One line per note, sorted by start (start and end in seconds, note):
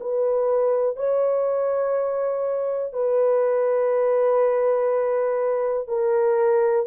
0.00 0.96 B4
0.96 2.93 C#5
2.93 5.88 B4
5.88 6.86 A#4